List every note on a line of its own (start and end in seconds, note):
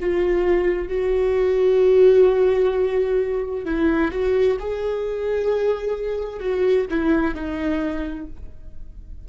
0.00 0.88 F4
0.88 3.65 F#4
3.65 4.11 E4
4.11 4.57 F#4
4.59 6.39 G#4
6.39 6.86 F#4
6.90 7.34 E4
7.34 8.27 D#4